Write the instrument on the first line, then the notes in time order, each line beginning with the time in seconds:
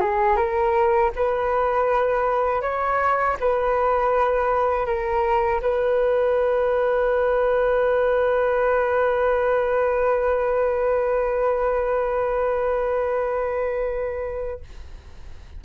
flute
0.00 G#4
0.36 A#4
1.16 B4
2.61 C#5
3.40 B4
4.85 A#4
5.61 B4